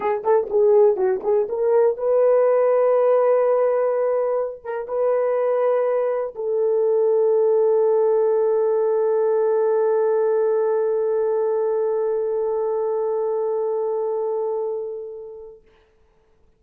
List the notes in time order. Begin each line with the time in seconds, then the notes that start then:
0.00 G#4
0.23 A4
0.50 G#4
0.96 F#4
1.23 G#4
1.49 A#4
1.97 B4
4.63 A#4
4.88 B4
6.35 A4